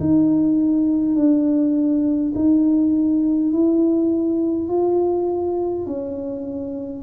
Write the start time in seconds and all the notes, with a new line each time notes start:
0.00 D#4
1.16 D4
2.35 D#4
3.52 E4
4.69 F4
5.86 C#4